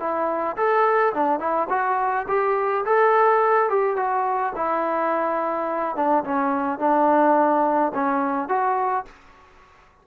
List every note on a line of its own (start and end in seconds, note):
0.00 0.57 E4
0.57 1.13 A4
1.14 1.40 D4
1.40 1.68 E4
1.70 2.27 F#4
2.29 2.85 G4
2.86 3.70 A4
3.70 3.97 G4
3.97 4.53 F#4
4.56 5.96 E4
5.96 6.24 D4
6.25 6.80 C#4
6.80 7.93 D4
7.95 8.49 C#4
8.49 9.06 F#4